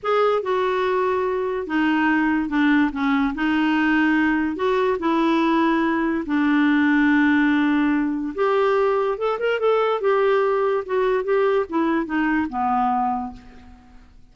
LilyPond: \new Staff \with { instrumentName = "clarinet" } { \time 4/4 \tempo 4 = 144 gis'4 fis'2. | dis'2 d'4 cis'4 | dis'2. fis'4 | e'2. d'4~ |
d'1 | g'2 a'8 ais'8 a'4 | g'2 fis'4 g'4 | e'4 dis'4 b2 | }